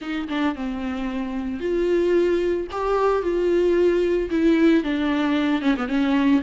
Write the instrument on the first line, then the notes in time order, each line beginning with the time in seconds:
viola
0.01 D#4
0.28 D4
0.55 C4
1.59 F4
2.71 G4
3.22 F4
4.30 E4
4.83 D4
5.61 C#4
5.76 B3
5.88 C#4